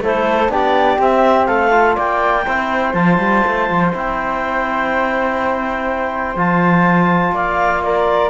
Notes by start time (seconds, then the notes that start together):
0.00 A3 E4 A4 C5
0.48 B3 D4 G4 D5
0.98 C4 E5
1.46 A3 A4 F5
1.71 F4
1.95 A#3 D5 G5
2.46 C4 E4 C5
2.93 F3 F4 A5
3.18 G3
3.46 A3
3.69 F3
3.93 C4 E4 G5
6.35 F3 F4 A5
7.32 A#3 D5 F5
7.83 A#4 D5